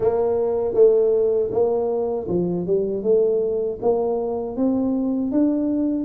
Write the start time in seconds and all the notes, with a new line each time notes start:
0.00 A#3
0.74 A3
1.51 A#3
2.28 F3
2.66 G3
3.02 A3
3.81 A#3
4.56 C4
5.31 D4